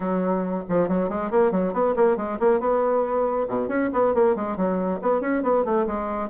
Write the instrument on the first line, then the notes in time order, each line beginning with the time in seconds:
bassoon
0.00 F#3
0.68 F3
0.88 F#3
1.09 G#3
1.30 A#3
1.51 F#3
1.73 B3
1.96 A#3
2.16 G#3
2.39 A#3
2.60 B3
3.48 B2
3.68 C#4
3.92 B3
4.14 A#3
4.35 G#3
4.56 F#3
5.02 B3
5.21 C#4
5.42 B3
5.64 A3
5.86 G#3